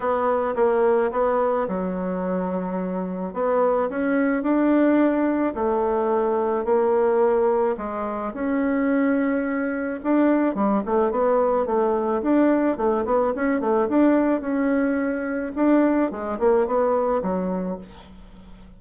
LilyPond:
\new Staff \with { instrumentName = "bassoon" } { \time 4/4 \tempo 4 = 108 b4 ais4 b4 fis4~ | fis2 b4 cis'4 | d'2 a2 | ais2 gis4 cis'4~ |
cis'2 d'4 g8 a8 | b4 a4 d'4 a8 b8 | cis'8 a8 d'4 cis'2 | d'4 gis8 ais8 b4 fis4 | }